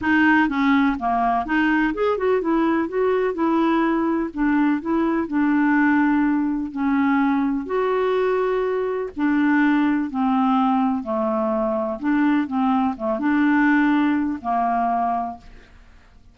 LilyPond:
\new Staff \with { instrumentName = "clarinet" } { \time 4/4 \tempo 4 = 125 dis'4 cis'4 ais4 dis'4 | gis'8 fis'8 e'4 fis'4 e'4~ | e'4 d'4 e'4 d'4~ | d'2 cis'2 |
fis'2. d'4~ | d'4 c'2 a4~ | a4 d'4 c'4 a8 d'8~ | d'2 ais2 | }